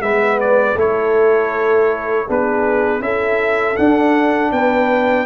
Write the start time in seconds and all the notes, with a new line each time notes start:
0.00 G#3 B3 B4 E5
0.40 D5
0.75 A3 E4 A4 C#5
2.27 B3 D4 G#4 B4
3.00 C#4 E4 A4 E5
3.76 D4 F#5
4.52 B3 B4 G5